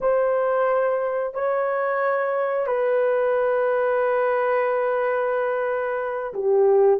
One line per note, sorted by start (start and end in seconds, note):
0.00 1.34 C5
1.34 2.66 C#5
2.66 6.33 B4
6.33 7.00 G4